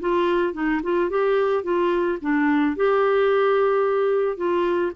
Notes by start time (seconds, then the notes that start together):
0.00 F4
0.53 D#4
0.83 F4
1.10 G4
1.63 F4
2.21 D4
2.76 G4
4.37 F4